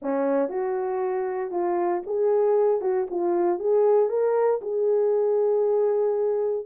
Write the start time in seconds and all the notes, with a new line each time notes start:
0.01 C#4
0.48 F#4
1.51 F4
2.06 G#4
2.81 F#4
3.10 F4
3.59 G#4
4.09 A#4
4.61 G#4